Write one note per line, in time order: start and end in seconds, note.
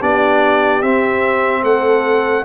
0.00 0.82 B3
0.00 0.83 D4
0.00 1.62 G4
0.00 0.82 D5
0.82 1.63 C4
0.82 2.45 C4
0.82 1.63 E5
1.63 2.44 A3
1.63 2.44 A4
1.63 2.45 F#5